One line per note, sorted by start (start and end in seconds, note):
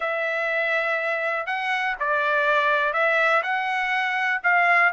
0.00 1.46 E5
1.46 1.95 F#5
1.99 2.93 D5
2.93 3.42 E5
3.42 4.41 F#5
4.43 4.92 F5